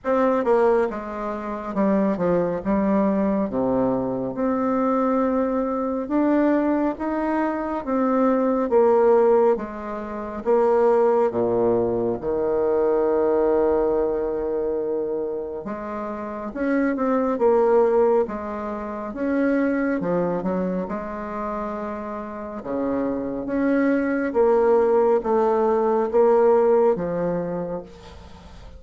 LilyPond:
\new Staff \with { instrumentName = "bassoon" } { \time 4/4 \tempo 4 = 69 c'8 ais8 gis4 g8 f8 g4 | c4 c'2 d'4 | dis'4 c'4 ais4 gis4 | ais4 ais,4 dis2~ |
dis2 gis4 cis'8 c'8 | ais4 gis4 cis'4 f8 fis8 | gis2 cis4 cis'4 | ais4 a4 ais4 f4 | }